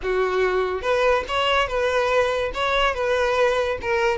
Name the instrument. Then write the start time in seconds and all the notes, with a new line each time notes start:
violin
0.02 F#4
0.82 B4
1.28 C#5
1.67 B4
2.53 C#5
2.94 B4
3.81 A#4